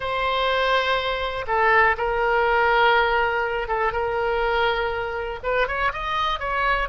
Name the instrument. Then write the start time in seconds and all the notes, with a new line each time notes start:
oboe
0.00 C5
1.47 A4
1.97 A#4
3.68 A4
3.92 A#4
5.43 B4
5.67 C#5
5.93 D#5
6.39 C#5